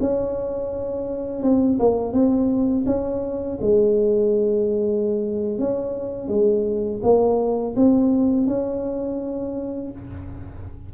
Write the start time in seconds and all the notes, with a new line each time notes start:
0.00 C#4
1.42 C4
1.79 A#3
2.13 C4
2.86 C#4
3.61 G#3
5.58 C#4
6.28 G#3
7.03 A#3
7.75 C4
8.46 C#4